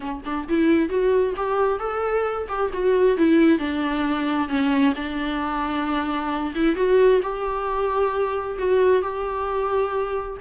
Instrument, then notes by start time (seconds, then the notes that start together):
viola
0.00 C#4
0.25 D4
0.48 E4
0.89 F#4
1.36 G4
1.79 A4
2.48 G4
2.73 F#4
3.17 E4
3.58 D4
4.48 C#4
4.95 D4
6.54 E4
6.75 F#4
7.22 G4
8.58 F#4
9.02 G4